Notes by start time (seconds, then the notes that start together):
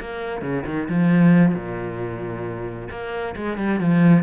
0.00 A#3
0.42 C#3
0.66 D#3
0.89 F3
1.55 A#2
2.90 A#3
3.36 G#3
3.58 G3
3.80 F3